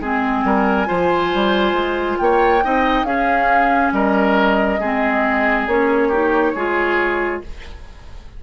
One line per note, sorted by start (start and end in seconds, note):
0.00 0.43 G#3
0.00 0.86 C4
0.00 0.44 G#4
0.00 2.18 G#5
0.43 0.87 G3
0.43 0.87 A#4
0.86 1.34 F3
0.86 2.60 F4
0.86 2.18 C5
1.34 1.73 G3
1.73 2.16 G#3
2.18 2.64 A#3
2.18 2.64 C#5
2.18 3.04 G5
2.63 3.03 C4
2.63 3.05 D#4
2.63 3.07 D#5
3.03 3.90 C#4
3.03 4.79 C#4
3.03 3.93 G#4
3.03 3.91 F5
3.92 4.79 G3
3.92 4.80 A#4
3.92 5.67 D#5
4.80 5.67 G#3
4.80 5.69 C4
4.80 6.08 G#4
5.67 6.54 A#3
5.67 6.12 C#4
5.67 7.41 C#5
6.08 6.56 D#4
6.08 6.52 G4
6.55 7.42 G#3
6.55 7.43 F4
6.55 7.42 G#4